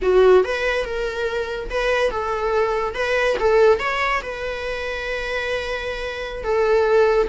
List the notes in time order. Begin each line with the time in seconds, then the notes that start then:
0.02 F#4
0.44 B4
0.85 A#4
1.69 B4
2.10 A4
2.94 B4
3.39 A4
3.79 C#5
4.22 B4
6.43 A4